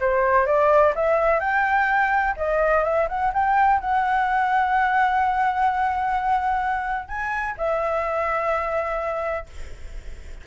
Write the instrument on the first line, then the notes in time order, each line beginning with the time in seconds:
flute
0.00 C5
0.46 D5
0.95 E5
1.40 G5
2.36 D#5
2.84 E5
3.08 F#5
3.33 G5
3.80 F#5
7.08 G#5
7.57 E5